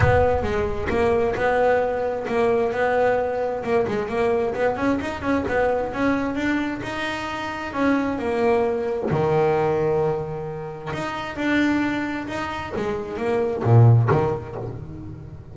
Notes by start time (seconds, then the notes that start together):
0.00 B3
0.42 G#3
0.89 A#3
1.35 B3
2.27 A#3
2.72 B3
3.63 A#3
3.87 G#3
4.08 A#3
4.54 B3
4.76 C#4
5.00 D#4
5.21 C#4
5.48 B3
5.93 C#4
6.35 D4
6.82 D#4
7.73 C#4
8.18 A#3
9.10 D#3
10.93 D#4
11.36 D4
12.27 D#4
12.76 G#3
13.17 A#3
13.63 A#2
14.10 D#3